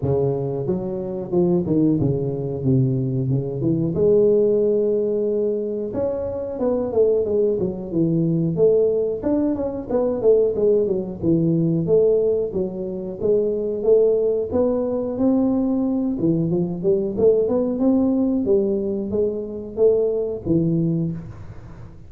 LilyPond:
\new Staff \with { instrumentName = "tuba" } { \time 4/4 \tempo 4 = 91 cis4 fis4 f8 dis8 cis4 | c4 cis8 e8 gis2~ | gis4 cis'4 b8 a8 gis8 fis8 | e4 a4 d'8 cis'8 b8 a8 |
gis8 fis8 e4 a4 fis4 | gis4 a4 b4 c'4~ | c'8 e8 f8 g8 a8 b8 c'4 | g4 gis4 a4 e4 | }